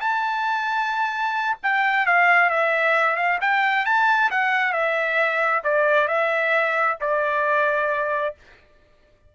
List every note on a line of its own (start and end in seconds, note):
0.00 1.57 A5
1.63 2.06 G5
2.06 2.50 F5
2.50 3.16 E5
3.16 3.38 F5
3.41 3.85 G5
3.85 4.30 A5
4.30 4.72 F#5
4.72 5.62 E5
5.64 6.08 D5
6.08 6.97 E5
7.01 8.35 D5